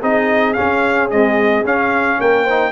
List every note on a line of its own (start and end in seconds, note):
0.00 0.57 C4
0.00 0.56 D#4
0.00 2.18 G#4
0.00 0.54 D#5
0.54 1.10 C#4
0.54 1.08 F5
0.60 1.13 C#4
1.11 1.65 G#3
1.11 1.65 C4
1.11 1.65 D#5
1.65 2.19 C#4
1.65 2.47 C#4
1.65 2.21 F5
2.20 2.72 A#3
2.20 2.43 A#4
2.20 2.72 G5
2.43 2.71 C5
2.50 2.72 D#4